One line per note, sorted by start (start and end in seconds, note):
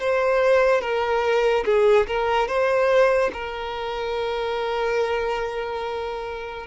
0.00 0.81 C5
0.81 1.65 A#4
1.66 2.07 G#4
2.08 2.48 A#4
2.48 3.31 C5
3.34 6.67 A#4